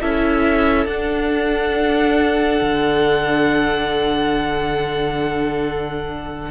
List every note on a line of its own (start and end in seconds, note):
0.00 0.86 C#4
0.00 0.88 E4
0.00 6.51 A4
0.00 0.87 E5
0.86 2.60 D4
0.86 6.51 D4
0.86 6.51 F#5
2.61 6.51 D3